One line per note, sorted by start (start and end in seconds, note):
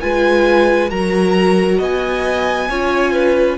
0.00 0.91 G#3
0.00 0.89 F4
0.00 0.90 B4
0.00 0.90 G#5
0.89 1.79 F#3
0.89 2.68 F#4
0.89 1.78 A#4
0.89 1.79 A#5
1.78 2.69 B3
1.78 2.68 D#5
1.78 3.57 G#5
2.69 3.57 C#4
2.69 3.57 F4
2.69 3.12 C#5
3.12 3.57 B4